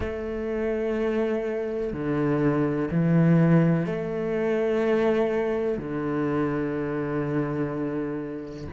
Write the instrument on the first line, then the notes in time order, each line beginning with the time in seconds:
cello
0.00 A3
1.93 D3
2.90 E3
3.85 A3
5.78 D3